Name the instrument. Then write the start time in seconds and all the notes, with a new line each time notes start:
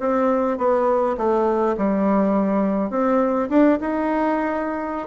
bassoon
0.00 C4
0.58 B3
1.18 A3
1.78 G3
2.90 C4
3.50 D4
3.80 D#4